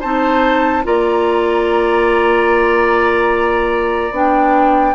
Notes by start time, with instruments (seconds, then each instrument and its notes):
0.00 bassoon C4, clarinet D#4, oboe C5, flute A5
0.83 bassoon A#3, clarinet F4, oboe D5, flute A#5
4.11 bassoon B3, clarinet D4, flute G5